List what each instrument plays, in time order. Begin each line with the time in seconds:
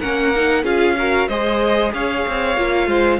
0.00 cello A#3, viola C#4, violin A#4 F#5
0.35 viola D#4
0.63 cello C#4, viola F4, violin G#4 F5
0.98 viola F#4, violin A#4
1.28 cello G#3, viola G#4, violin C5 D#5
1.93 cello C#4, violin C#5 F5
2.28 cello C4
2.57 cello A#3, viola F4
2.87 cello G#3, violin C5